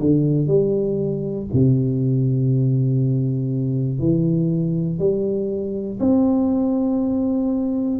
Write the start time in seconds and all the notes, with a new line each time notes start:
0.00 D3
0.48 G3
1.53 C3
4.00 E3
4.99 G3
6.00 C4